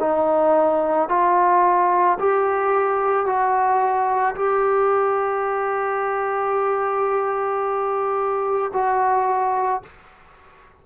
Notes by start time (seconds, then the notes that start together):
0.00 D#4
1.09 F4
2.20 G4
3.26 F#4
4.36 G4
8.74 F#4